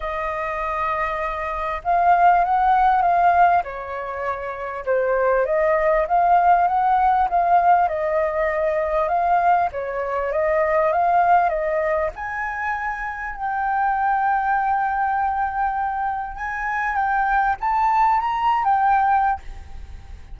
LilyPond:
\new Staff \with { instrumentName = "flute" } { \time 4/4 \tempo 4 = 99 dis''2. f''4 | fis''4 f''4 cis''2 | c''4 dis''4 f''4 fis''4 | f''4 dis''2 f''4 |
cis''4 dis''4 f''4 dis''4 | gis''2 g''2~ | g''2. gis''4 | g''4 a''4 ais''8. g''4~ g''16 | }